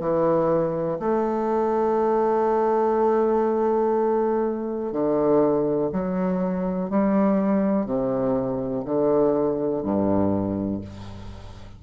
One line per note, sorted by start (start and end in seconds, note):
0.00 0.98 E3
0.99 4.92 A3
4.92 5.91 D3
5.92 6.89 F#3
6.89 7.86 G3
7.86 8.84 C3
8.85 9.82 D3
9.82 10.81 G2